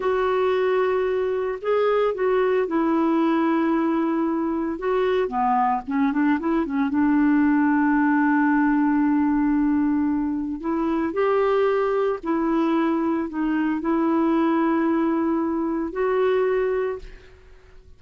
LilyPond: \new Staff \with { instrumentName = "clarinet" } { \time 4/4 \tempo 4 = 113 fis'2. gis'4 | fis'4 e'2.~ | e'4 fis'4 b4 cis'8 d'8 | e'8 cis'8 d'2.~ |
d'1 | e'4 g'2 e'4~ | e'4 dis'4 e'2~ | e'2 fis'2 | }